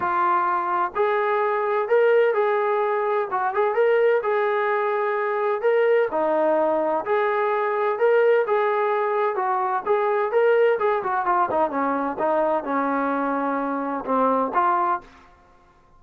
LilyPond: \new Staff \with { instrumentName = "trombone" } { \time 4/4 \tempo 4 = 128 f'2 gis'2 | ais'4 gis'2 fis'8 gis'8 | ais'4 gis'2. | ais'4 dis'2 gis'4~ |
gis'4 ais'4 gis'2 | fis'4 gis'4 ais'4 gis'8 fis'8 | f'8 dis'8 cis'4 dis'4 cis'4~ | cis'2 c'4 f'4 | }